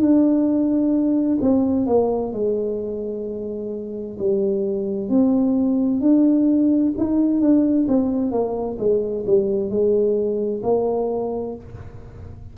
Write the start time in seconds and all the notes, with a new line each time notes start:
0.00 D4
1.41 C4
1.87 A#3
2.33 G#3
4.19 G3
5.09 C4
6.01 D4
6.98 D#4
7.41 D4
7.88 C4
8.32 A#3
8.79 G#3
9.26 G3
9.70 G#3
10.63 A#3